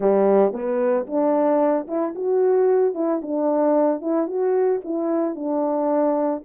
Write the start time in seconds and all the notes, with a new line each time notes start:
0.00 G3
0.52 B3
1.06 D4
1.87 E4
2.15 F#4
2.94 E4
3.21 D4
4.01 E4
4.27 F#4
4.84 E4
5.35 D4